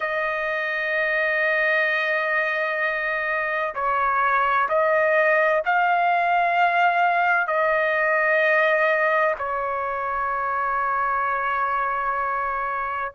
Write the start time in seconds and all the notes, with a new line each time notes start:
0.00 D#5
3.74 C#5
4.69 D#5
5.65 F5
7.47 D#5
9.38 C#5